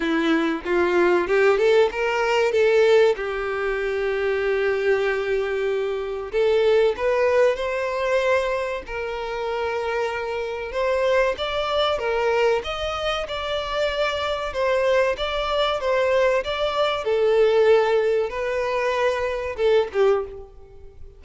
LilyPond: \new Staff \with { instrumentName = "violin" } { \time 4/4 \tempo 4 = 95 e'4 f'4 g'8 a'8 ais'4 | a'4 g'2.~ | g'2 a'4 b'4 | c''2 ais'2~ |
ais'4 c''4 d''4 ais'4 | dis''4 d''2 c''4 | d''4 c''4 d''4 a'4~ | a'4 b'2 a'8 g'8 | }